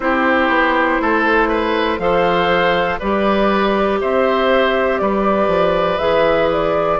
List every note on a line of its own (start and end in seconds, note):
0.00 0.48 C4
0.00 1.99 E4
0.00 1.01 G4
0.00 1.99 C5
0.48 0.98 B3
1.00 1.98 A3
1.00 1.48 A4
1.48 1.98 B4
1.98 2.98 F3
1.98 2.99 A4
1.98 2.99 C5
1.98 2.99 F5
2.99 4.01 G3
2.99 5.99 G4
2.99 3.99 B4
2.99 3.99 D5
4.00 5.00 C4
4.00 5.00 C5
4.00 4.98 E5
4.98 5.47 G3
4.98 6.99 B4
4.98 5.98 D5
5.47 5.97 F3
5.98 6.99 E3
5.98 6.99 G#4
5.98 6.48 E5
6.52 6.99 D5